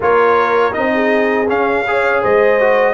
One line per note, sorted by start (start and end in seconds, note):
0.00 0.74 A#3
0.00 0.72 F4
0.00 0.92 A#4
0.00 0.73 C#5
0.72 1.49 C4
0.72 1.46 D#4
0.72 1.47 D#5
0.94 1.87 G#4
1.48 1.85 C#4
1.48 2.23 C#4
1.48 2.23 F5
1.87 2.60 G#4
1.87 2.22 C#5
2.22 2.94 G#3
2.22 2.94 C5
2.22 2.94 D#5
2.60 2.94 F#4